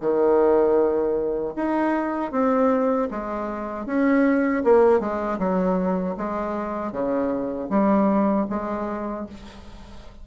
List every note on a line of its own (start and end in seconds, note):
0.00 1.54 D#3
1.56 2.31 D#4
2.31 3.08 C4
3.11 3.86 G#3
3.86 4.63 C#4
4.64 5.00 A#3
5.00 5.38 G#3
5.39 6.16 F#3
6.17 6.92 G#3
6.92 7.69 C#3
7.69 8.46 G3
8.49 9.26 G#3